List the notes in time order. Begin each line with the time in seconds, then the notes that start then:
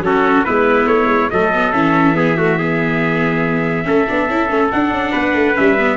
0.00 F#3 C#4 F#4 A4
0.44 G#3 B3 E4 B4
0.86 A3 C#5
1.05 G#3
1.30 F#3 A3 A4 D#5
1.53 B3
1.72 E3 C#4 E5
2.14 B3 G#4
2.37 A3 F#4
2.58 B3 G#4
3.84 A3 C#4 A4
4.08 B3 D4
4.29 C#4 E4
4.49 A3 C#4
4.71 D4 F#5
4.92 C#4
5.11 B3 B4
5.34 A3
5.54 G3 C#4 E5
5.79 B3